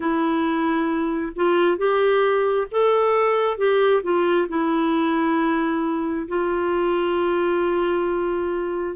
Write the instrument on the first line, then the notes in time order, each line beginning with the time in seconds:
clarinet
0.00 E4
1.35 F4
1.77 G4
2.71 A4
3.57 G4
4.03 F4
4.48 E4
6.28 F4